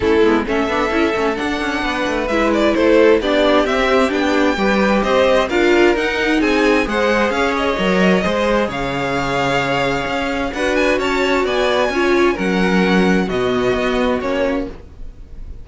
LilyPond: <<
  \new Staff \with { instrumentName = "violin" } { \time 4/4 \tempo 4 = 131 a'4 e''2 fis''4~ | fis''4 e''8 d''8 c''4 d''4 | e''4 g''2 dis''4 | f''4 fis''4 gis''4 fis''4 |
f''8 dis''2~ dis''8 f''4~ | f''2. fis''8 gis''8 | a''4 gis''2 fis''4~ | fis''4 dis''2 cis''4 | }
  \new Staff \with { instrumentName = "violin" } { \time 4/4 e'4 a'2. | b'2 a'4 g'4~ | g'2 b'4 c''4 | ais'2 gis'4 c''4 |
cis''2 c''4 cis''4~ | cis''2. b'4 | cis''4 d''4 cis''4 ais'4~ | ais'4 fis'2. | }
  \new Staff \with { instrumentName = "viola" } { \time 4/4 cis'8 b8 cis'8 d'8 e'8 cis'8 d'4~ | d'4 e'2 d'4 | c'4 d'4 g'2 | f'4 dis'2 gis'4~ |
gis'4 ais'4 gis'2~ | gis'2. fis'4~ | fis'2 f'4 cis'4~ | cis'4 b2 cis'4 | }
  \new Staff \with { instrumentName = "cello" } { \time 4/4 a8 gis8 a8 b8 cis'8 a8 d'8 cis'8 | b8 a8 gis4 a4 b4 | c'4 b4 g4 c'4 | d'4 dis'4 c'4 gis4 |
cis'4 fis4 gis4 cis4~ | cis2 cis'4 d'4 | cis'4 b4 cis'4 fis4~ | fis4 b,4 b4 ais4 | }
>>